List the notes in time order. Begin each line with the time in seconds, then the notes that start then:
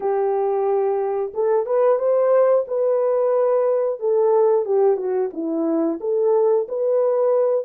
0.00 G4
1.34 A4
1.65 B4
1.98 C5
2.67 B4
3.99 A4
4.65 G4
4.97 F#4
5.33 E4
6.00 A4
6.68 B4